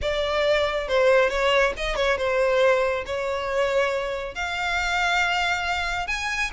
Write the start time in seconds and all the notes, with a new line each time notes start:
0.01 D5
0.88 C5
1.29 C#5
1.76 D#5
1.95 C#5
2.17 C5
3.06 C#5
4.35 F5
6.07 G#5